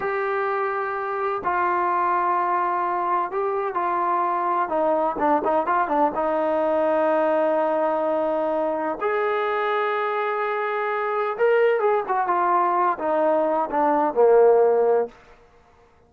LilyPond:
\new Staff \with { instrumentName = "trombone" } { \time 4/4 \tempo 4 = 127 g'2. f'4~ | f'2. g'4 | f'2 dis'4 d'8 dis'8 | f'8 d'8 dis'2.~ |
dis'2. gis'4~ | gis'1 | ais'4 gis'8 fis'8 f'4. dis'8~ | dis'4 d'4 ais2 | }